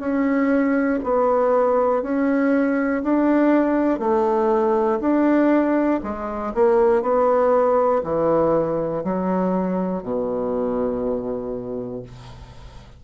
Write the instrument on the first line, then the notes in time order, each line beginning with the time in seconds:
bassoon
0.00 C#4
1.04 B3
2.03 C#4
3.04 D4
4.00 A3
5.00 D4
6.04 G#3
6.55 A#3
7.03 B3
8.04 E3
9.04 F#3
10.03 B2